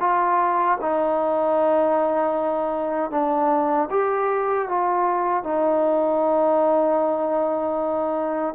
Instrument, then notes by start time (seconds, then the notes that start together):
trombone
0.00 F4
0.81 D#4
3.11 D4
3.90 G4
4.69 F4
5.43 D#4